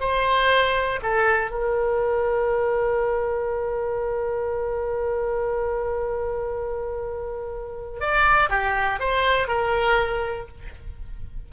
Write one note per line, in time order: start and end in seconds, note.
0.00 1.00 C5
1.03 1.51 A4
1.51 8.00 A#4
8.00 8.50 D5
8.50 9.00 G4
9.00 9.48 C5
9.48 10.48 A#4